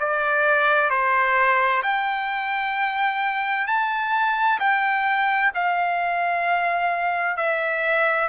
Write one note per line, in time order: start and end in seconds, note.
0.00 0.90 D5
0.90 1.83 C5
1.83 3.67 G5
3.67 4.59 A5
4.60 5.52 G5
5.54 7.37 F5
7.37 8.29 E5